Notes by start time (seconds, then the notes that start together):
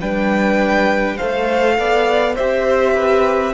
0.00 G3 D4 B4 G5
1.16 A3 A4 C5 F5
1.78 B3 D5
2.35 C4 G4 C5 E5
2.94 B4